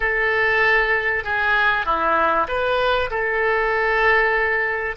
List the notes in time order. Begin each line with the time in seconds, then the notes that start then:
0.00 A4
1.23 G#4
1.85 E4
2.48 B4
3.10 A4